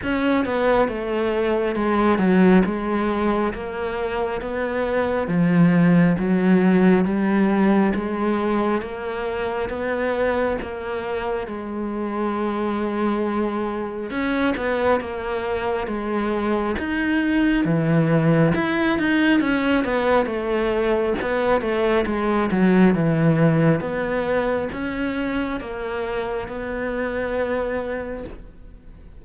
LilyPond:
\new Staff \with { instrumentName = "cello" } { \time 4/4 \tempo 4 = 68 cis'8 b8 a4 gis8 fis8 gis4 | ais4 b4 f4 fis4 | g4 gis4 ais4 b4 | ais4 gis2. |
cis'8 b8 ais4 gis4 dis'4 | e4 e'8 dis'8 cis'8 b8 a4 | b8 a8 gis8 fis8 e4 b4 | cis'4 ais4 b2 | }